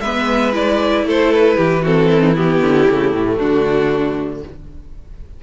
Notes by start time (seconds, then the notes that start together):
0.00 G#3 B3 B4 E5
0.52 E4 D5
1.04 A3 A4 C5
1.33 B4
1.56 E3 G4
1.82 C4 F#4 A4
2.08 E4
2.20 D#4
2.32 B3 E4 G4
2.61 D3
2.87 C#3 A3
3.13 A2
3.37 D3 D4 F#4